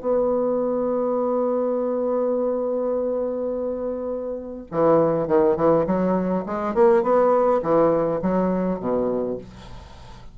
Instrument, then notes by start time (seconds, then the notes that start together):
bassoon
0.00 B3
4.71 E3
5.27 D#3
5.56 E3
5.86 F#3
6.46 G#3
6.74 A#3
7.03 B3
7.62 E3
8.22 F#3
8.79 B2